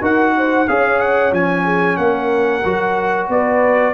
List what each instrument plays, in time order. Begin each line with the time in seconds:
0.00 tuba D#4, trombone F#4, horn A#4, trumpet F#5
0.37 horn C5
0.67 tuba C#4, trombone G#4, horn C#5, trumpet F5
1.00 trumpet F#5
1.32 tuba F3, trombone C#4, trumpet G#5
1.64 horn G#4
1.96 tuba A#3, horn A#4, trumpet F#5
2.64 tuba F#3, trombone F#4
3.28 tuba B3, horn B4, trumpet D5